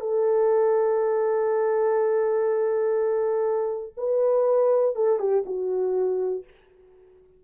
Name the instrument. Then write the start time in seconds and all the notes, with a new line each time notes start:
horn
0.00 A4
3.97 B4
4.95 A4
5.19 G4
5.46 F#4